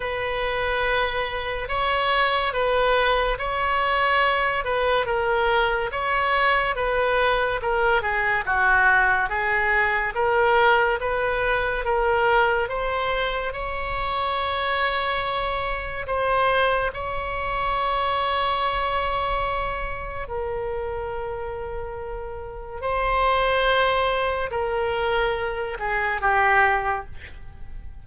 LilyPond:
\new Staff \with { instrumentName = "oboe" } { \time 4/4 \tempo 4 = 71 b'2 cis''4 b'4 | cis''4. b'8 ais'4 cis''4 | b'4 ais'8 gis'8 fis'4 gis'4 | ais'4 b'4 ais'4 c''4 |
cis''2. c''4 | cis''1 | ais'2. c''4~ | c''4 ais'4. gis'8 g'4 | }